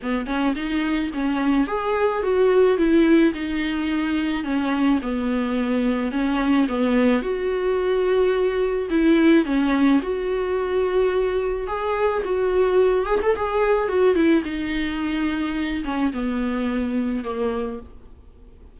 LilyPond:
\new Staff \with { instrumentName = "viola" } { \time 4/4 \tempo 4 = 108 b8 cis'8 dis'4 cis'4 gis'4 | fis'4 e'4 dis'2 | cis'4 b2 cis'4 | b4 fis'2. |
e'4 cis'4 fis'2~ | fis'4 gis'4 fis'4. gis'16 a'16 | gis'4 fis'8 e'8 dis'2~ | dis'8 cis'8 b2 ais4 | }